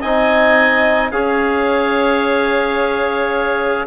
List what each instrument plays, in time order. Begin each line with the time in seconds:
0.00 bassoon C4, trombone D#4, clarinet D#5, oboe G#5
1.11 bassoon C#4, trombone G#4, clarinet C#5, oboe F5